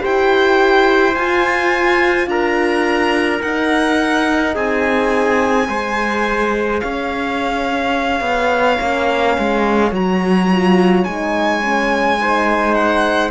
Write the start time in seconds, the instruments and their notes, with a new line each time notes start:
0.00 cello E4, horn G4, trumpet C5, violin G5
1.16 cello F4, horn F4, violin G#5
2.27 cello D4, trumpet A#4, violin A#5
3.42 cello D#4, horn D#4, violin F#5
4.55 cello C4, trumpet G#4, violin G#5
5.69 cello G#3, horn G#4, trumpet C5
6.80 cello C#4, trumpet C#5, violin F5
8.21 cello B3
8.78 cello A#3, horn C#4
9.39 cello G#3
9.92 cello F#3, horn F#4, violin A#5
10.52 horn F4
11.05 cello G#3, horn D#4, violin G#5
11.61 horn C#4
12.20 horn D#4, trumpet C5
12.75 violin F#5